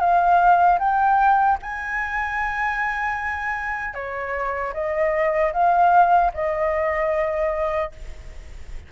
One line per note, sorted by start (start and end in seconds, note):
0.00 0.79 F5
0.79 1.58 G5
1.62 3.94 G#5
3.94 4.73 C#5
4.74 5.53 D#5
5.53 6.32 F5
6.34 7.92 D#5